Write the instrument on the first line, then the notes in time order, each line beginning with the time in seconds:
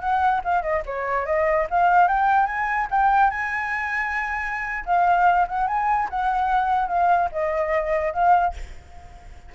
flute
0.00 F#5
0.44 F5
0.62 D#5
0.86 C#5
1.26 D#5
1.70 F5
2.08 G5
2.46 G#5
2.90 G5
3.30 G#5
4.85 F5
5.48 F#5
5.67 G#5
6.10 F#5
6.88 F5
7.32 D#5
8.13 F5